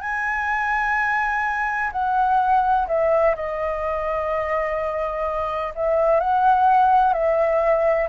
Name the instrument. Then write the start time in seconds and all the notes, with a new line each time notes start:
flute
0.00 G#5
1.91 F#5
2.87 E5
3.35 D#5
5.75 E5
6.20 F#5
7.13 E5